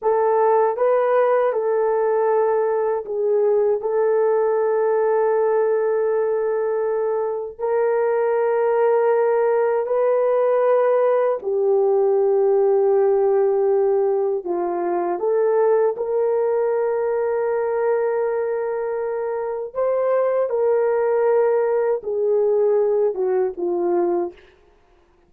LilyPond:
\new Staff \with { instrumentName = "horn" } { \time 4/4 \tempo 4 = 79 a'4 b'4 a'2 | gis'4 a'2.~ | a'2 ais'2~ | ais'4 b'2 g'4~ |
g'2. f'4 | a'4 ais'2.~ | ais'2 c''4 ais'4~ | ais'4 gis'4. fis'8 f'4 | }